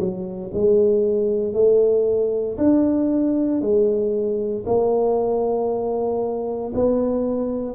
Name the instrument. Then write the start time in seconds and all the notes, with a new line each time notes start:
tuba
0.00 F#3
0.54 G#3
1.54 A3
2.58 D4
3.62 G#3
4.66 A#3
6.75 B3